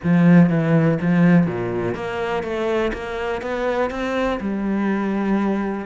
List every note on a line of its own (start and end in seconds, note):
0.03 0.49 F3
0.49 0.98 E3
1.01 1.46 F3
1.46 1.94 A#2
1.94 2.43 A#3
2.43 2.92 A3
2.93 3.41 A#3
3.41 3.90 B3
3.90 4.39 C4
4.40 5.86 G3